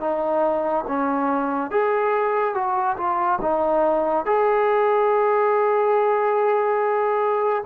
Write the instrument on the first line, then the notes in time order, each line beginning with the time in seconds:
trombone
0.00 D#4
0.87 C#4
1.71 G#4
2.54 F#4
2.97 F4
3.41 D#4
4.26 G#4